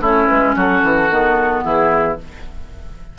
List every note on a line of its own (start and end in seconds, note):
0.00 0.27 A3
0.00 1.10 C#4
0.00 0.55 E4
0.00 0.28 C#5
0.28 0.56 G#3
0.28 0.55 B4
0.56 0.83 F#3
0.56 1.64 F#4
0.56 1.64 A4
0.83 1.10 E3
1.10 1.64 D#3
1.10 2.18 B3
1.64 2.18 E3
1.64 2.18 E4
1.64 2.18 G#4